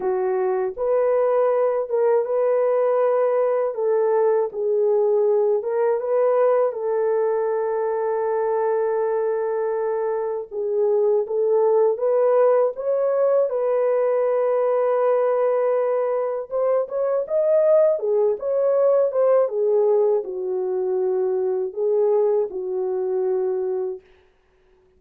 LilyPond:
\new Staff \with { instrumentName = "horn" } { \time 4/4 \tempo 4 = 80 fis'4 b'4. ais'8 b'4~ | b'4 a'4 gis'4. ais'8 | b'4 a'2.~ | a'2 gis'4 a'4 |
b'4 cis''4 b'2~ | b'2 c''8 cis''8 dis''4 | gis'8 cis''4 c''8 gis'4 fis'4~ | fis'4 gis'4 fis'2 | }